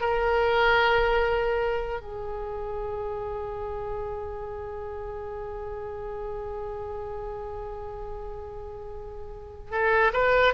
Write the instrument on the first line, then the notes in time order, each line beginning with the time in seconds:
oboe
0.00 A#4
2.01 G#4
9.71 A4
10.13 B4